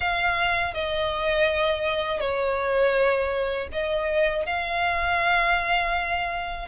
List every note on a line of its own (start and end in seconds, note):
0.00 0.73 F5
0.73 2.20 D#5
2.20 3.68 C#5
3.72 4.45 D#5
4.45 6.68 F5